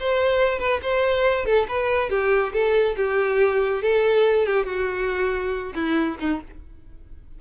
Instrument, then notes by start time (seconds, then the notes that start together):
violin
0.00 C5
0.59 B4
0.83 C5
1.46 A4
1.69 B4
2.10 G4
2.53 A4
2.97 G4
3.82 A4
4.46 G4
4.66 F#4
5.75 E4
6.20 D#4